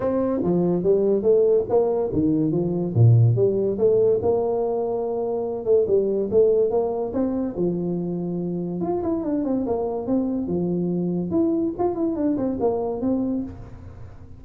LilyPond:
\new Staff \with { instrumentName = "tuba" } { \time 4/4 \tempo 4 = 143 c'4 f4 g4 a4 | ais4 dis4 f4 ais,4 | g4 a4 ais2~ | ais4. a8 g4 a4 |
ais4 c'4 f2~ | f4 f'8 e'8 d'8 c'8 ais4 | c'4 f2 e'4 | f'8 e'8 d'8 c'8 ais4 c'4 | }